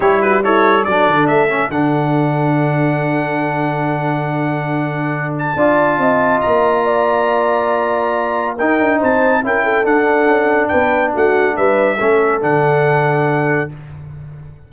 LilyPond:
<<
  \new Staff \with { instrumentName = "trumpet" } { \time 4/4 \tempo 4 = 140 cis''8 b'8 cis''4 d''4 e''4 | fis''1~ | fis''1~ | fis''8 a''2~ a''8 ais''4~ |
ais''1 | g''4 a''4 g''4 fis''4~ | fis''4 g''4 fis''4 e''4~ | e''4 fis''2. | }
  \new Staff \with { instrumentName = "horn" } { \time 4/4 g'8 fis'8 e'4 a'2~ | a'1~ | a'1~ | a'4 d''4 dis''2 |
d''1 | ais'4 c''4 ais'8 a'4.~ | a'4 b'4 fis'4 b'4 | a'1 | }
  \new Staff \with { instrumentName = "trombone" } { \time 4/4 e'4 a'4 d'4. cis'8 | d'1~ | d'1~ | d'4 f'2.~ |
f'1 | dis'2 e'4 d'4~ | d'1 | cis'4 d'2. | }
  \new Staff \with { instrumentName = "tuba" } { \time 4/4 g2 fis8 d8 a4 | d1~ | d1~ | d4 d'4 c'4 ais4~ |
ais1 | dis'8 d'8 c'4 cis'4 d'4 | cis'4 b4 a4 g4 | a4 d2. | }
>>